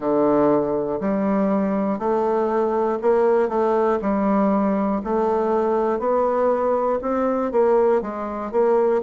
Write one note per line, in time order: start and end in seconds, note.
0.00 1.00 D3
1.00 1.98 G3
1.98 2.98 A3
3.01 3.49 A#3
3.49 3.99 A3
4.01 5.01 G3
5.04 5.99 A3
5.99 6.99 B3
7.01 7.51 C4
7.51 8.01 A#3
8.01 8.51 G#3
8.51 9.01 A#3